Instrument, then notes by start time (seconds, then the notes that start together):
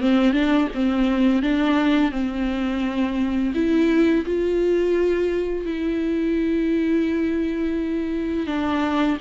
viola
0.00 C4
0.32 D4
0.74 C4
1.42 D4
2.11 C4
3.54 E4
4.25 F4
5.65 E4
8.47 D4